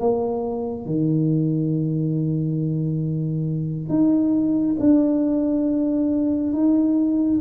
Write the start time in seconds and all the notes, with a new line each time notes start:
0.00 A#3
0.85 D#3
3.89 D#4
4.79 D4
6.53 D#4